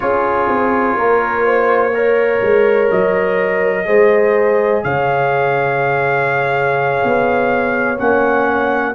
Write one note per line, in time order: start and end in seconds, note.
0.00 0.49 C#4
0.00 1.91 F4
0.00 0.97 G#4
0.00 2.89 C#5
0.49 0.95 C4
0.95 2.41 A#3
0.95 1.45 A#4
1.45 1.94 C5
1.94 3.85 A#4
1.94 3.86 C#5
2.42 2.90 G#3
2.91 3.87 F#3
2.91 4.83 D#5
3.85 4.84 G#3
3.85 7.96 G#4
3.85 4.83 C5
4.83 7.02 C#3
4.83 8.94 C#5
4.83 7.98 F5
7.03 8.00 B3
7.97 8.94 A#3
7.97 8.94 C#4
7.97 8.94 F#5